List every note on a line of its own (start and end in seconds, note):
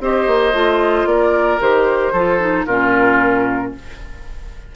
0.00 0.26 C4
0.00 0.53 G4
0.00 1.08 C5
0.00 1.07 D#5
0.26 0.53 A#3
0.53 1.05 A3
0.53 1.60 F4
1.05 1.59 A#3
1.05 2.12 A#4
1.05 1.60 D5
1.60 2.13 D#3
1.60 2.13 G4
1.60 2.66 C5
2.12 2.66 F3
2.12 2.40 F4
2.12 2.65 A4
2.40 2.66 D#4
2.66 3.73 A#2
2.66 3.75 C#4
2.66 3.72 F4
2.66 3.72 A#4